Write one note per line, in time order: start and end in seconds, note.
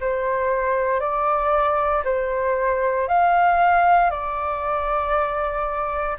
0.00 1.00 C5
1.00 2.03 D5
2.04 3.08 C5
3.08 4.10 F5
4.10 6.17 D5